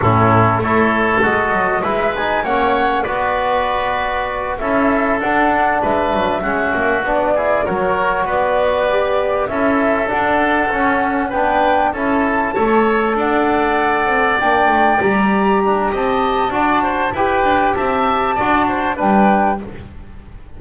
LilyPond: <<
  \new Staff \with { instrumentName = "flute" } { \time 4/4 \tempo 4 = 98 a'4 cis''4 dis''4 e''8 gis''8 | fis''4 d''2~ d''8 e''8~ | e''8 fis''4 e''2 d''8~ | d''8 cis''4 d''2 e''8~ |
e''8 fis''2 g''4 a''8~ | a''4. fis''2 g''8~ | g''8 ais''4. a''2 | g''4 a''2 g''4 | }
  \new Staff \with { instrumentName = "oboe" } { \time 4/4 e'4 a'2 b'4 | cis''4 b'2~ b'8 a'8~ | a'4. b'4 fis'4. | gis'8 ais'4 b'2 a'8~ |
a'2~ a'8 b'4 a'8~ | a'8 cis''4 d''2~ d''8~ | d''4. d'8 dis''4 d''8 c''8 | b'4 e''4 d''8 c''8 b'4 | }
  \new Staff \with { instrumentName = "trombone" } { \time 4/4 cis'4 e'4 fis'4 e'8 dis'8 | cis'4 fis'2~ fis'8 e'8~ | e'8 d'2 cis'4 d'8 | e'8 fis'2 g'4 e'8~ |
e'8 d'4 cis'4 d'4 e'8~ | e'8 a'2. d'8~ | d'8 g'2~ g'8 fis'4 | g'2 fis'4 d'4 | }
  \new Staff \with { instrumentName = "double bass" } { \time 4/4 a,4 a4 gis8 fis8 gis4 | ais4 b2~ b8 cis'8~ | cis'8 d'4 gis8 fis8 gis8 ais8 b8~ | b8 fis4 b2 cis'8~ |
cis'8 d'4 cis'4 b4 cis'8~ | cis'8 a4 d'4. c'8 ais8 | a8 g4. c'4 d'4 | e'8 d'8 c'4 d'4 g4 | }
>>